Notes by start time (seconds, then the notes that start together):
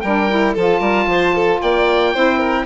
0.00 G3 D4 A#4 G5
0.30 E4
0.54 F3 F4 A4 A5
0.80 G3 A#4
1.07 F3 C5
1.35 A4
1.61 A#3 D5 G5
2.13 C4 E4 C5
2.38 A#4